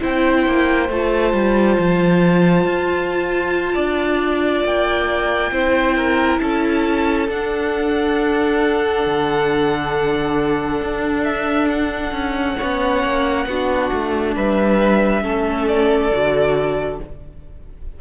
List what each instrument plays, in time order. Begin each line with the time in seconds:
0.00 cello C4, viola E4, violin C5 G5
0.47 cello A#3
0.90 cello A3, viola F4, violin A5
1.33 cello G3
1.78 cello F3
2.65 cello F4
3.75 cello D4, violin D5
4.64 cello A#3, violin G5
5.51 cello C4, viola E4, violin C5
5.97 violin A#4
6.39 cello C#4, violin A4 A5
7.29 cello D4, viola D4, violin F#5
9.06 cello D3
10.81 cello D4
11.24 violin E5
11.69 violin F#5
12.12 cello C#4
12.58 cello B3, viola C#4, violin C#5
13.04 cello A#3
13.46 cello B3, viola D4, violin F#4
13.92 cello A3
14.36 cello G3, violin B4 E5
15.22 cello A3, viola C#4, violin A4
15.68 violin D5
16.11 cello D3, viola F#4